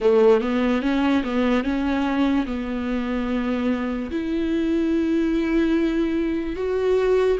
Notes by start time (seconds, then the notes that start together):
0.00 A3
0.40 B3
0.82 C#4
1.23 B3
1.63 C#4
2.45 B3
4.11 E4
6.56 F#4